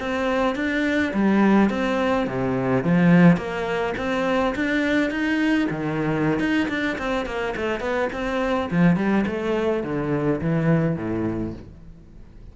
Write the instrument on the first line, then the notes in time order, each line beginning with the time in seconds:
cello
0.00 C4
0.56 D4
1.14 G3
1.70 C4
2.27 C3
2.84 F3
3.37 A#3
3.98 C4
4.56 D4
5.11 D#4
5.70 D#3
6.40 D#4
6.69 D4
6.98 C4
7.26 A#3
7.57 A3
7.81 B3
8.13 C4
8.71 F3
8.97 G3
9.27 A3
9.84 D3
10.41 E3
10.97 A2